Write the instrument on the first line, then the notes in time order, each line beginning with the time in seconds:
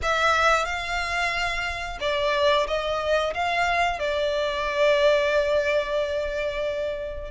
violin
0.02 E5
0.65 F5
2.00 D5
2.67 D#5
3.33 F5
3.99 D5